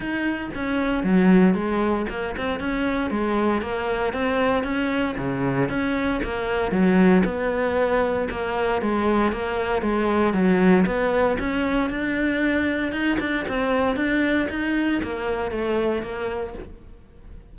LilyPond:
\new Staff \with { instrumentName = "cello" } { \time 4/4 \tempo 4 = 116 dis'4 cis'4 fis4 gis4 | ais8 c'8 cis'4 gis4 ais4 | c'4 cis'4 cis4 cis'4 | ais4 fis4 b2 |
ais4 gis4 ais4 gis4 | fis4 b4 cis'4 d'4~ | d'4 dis'8 d'8 c'4 d'4 | dis'4 ais4 a4 ais4 | }